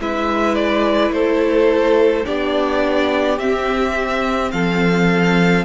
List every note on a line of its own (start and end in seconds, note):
0.00 1.10 G#3
0.00 2.25 E4
0.00 1.14 B4
0.00 0.54 E5
0.54 1.11 D5
1.10 2.23 A3
1.10 2.25 A4
1.10 2.25 C5
2.25 3.38 B3
2.25 3.38 D4
2.25 4.52 G4
2.25 3.38 D5
3.38 4.51 C4
3.38 5.64 C4
3.38 4.51 E5
4.51 5.64 F3
4.51 5.64 A4
4.51 5.64 F5